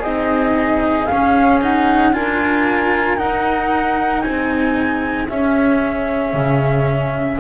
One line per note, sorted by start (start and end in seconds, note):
0.00 1.08 C4
0.00 1.10 D#4
0.00 2.11 G#4
0.00 1.06 D#5
1.06 1.62 C#4
1.06 2.15 C#4
1.06 1.59 F5
1.62 2.13 D#4
1.62 2.14 F#5
2.13 3.19 D4
2.13 3.17 F4
2.13 4.25 A#4
2.13 3.18 G#5
3.17 5.28 D#4
3.17 4.24 D#4
3.17 4.21 F#5
4.21 5.31 C4
4.21 7.40 G#4
4.21 5.27 G#5
5.29 7.40 C#4
5.29 6.34 C#4
5.29 7.40 E5
6.34 7.39 C#3